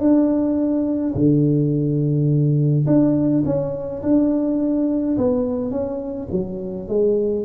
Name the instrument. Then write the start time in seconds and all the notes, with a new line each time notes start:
tuba
0.00 D4
1.15 D3
2.87 D4
3.46 C#4
4.03 D4
5.18 B3
5.71 C#4
6.32 F#3
6.89 G#3